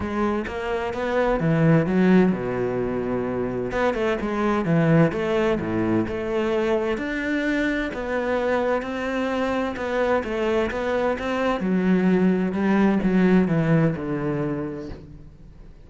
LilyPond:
\new Staff \with { instrumentName = "cello" } { \time 4/4 \tempo 4 = 129 gis4 ais4 b4 e4 | fis4 b,2. | b8 a8 gis4 e4 a4 | a,4 a2 d'4~ |
d'4 b2 c'4~ | c'4 b4 a4 b4 | c'4 fis2 g4 | fis4 e4 d2 | }